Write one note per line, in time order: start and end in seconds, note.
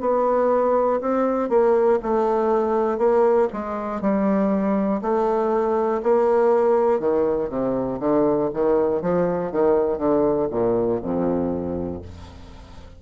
0.00 1.00 B3
1.00 1.49 C4
1.49 1.99 A#3
2.02 2.98 A3
2.98 3.48 A#3
3.52 4.01 G#3
4.01 5.01 G3
5.01 6.01 A3
6.03 7.00 A#3
7.00 7.49 D#3
7.49 7.99 C3
8.00 8.50 D3
8.53 9.01 D#3
9.01 9.51 F3
9.51 9.98 D#3
9.98 10.48 D3
10.50 11.00 A#2
11.01 12.01 F2